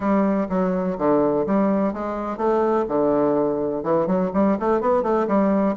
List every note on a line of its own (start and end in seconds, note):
0.00 0.47 G3
0.49 0.97 F#3
0.98 1.46 D3
1.46 1.93 G3
1.93 2.37 G#3
2.37 2.85 A3
2.88 3.83 D3
3.83 4.06 E3
4.06 4.30 F#3
4.33 4.57 G3
4.59 4.80 A3
4.80 5.02 B3
5.02 5.26 A3
5.27 5.75 G3